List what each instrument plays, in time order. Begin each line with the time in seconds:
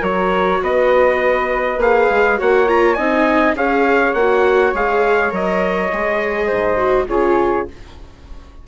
0.00 bassoon F#3, viola F#4, flute A#4, trumpet C#5
0.62 bassoon B3, flute B4, trumpet D#5
1.78 bassoon A#3, viola G#4, trumpet F5
2.10 bassoon G#3
2.38 bassoon A#3, viola F#4, flute C#5, trumpet F#5
2.68 viola F4, trumpet A#5
2.95 bassoon C4, viola D#4, flute D#5, trumpet G#5
3.55 bassoon C#4, viola G#4, flute C#5, trumpet F5
4.14 bassoon A#3, viola F#4, trumpet F#5
4.74 bassoon G#3, viola G#4, trumpet F5
5.31 bassoon F#3, viola A#4, trumpet D#5
5.93 bassoon G#3, viola G#4
6.47 bassoon G#2, flute C5
6.77 viola F#4
7.08 bassoon C#3, viola F4, flute G#4, trumpet C#5